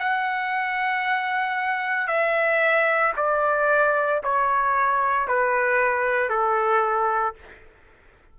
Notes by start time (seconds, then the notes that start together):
0.00 F#5
2.08 E5
3.17 D5
4.24 C#5
5.28 B4
6.30 A4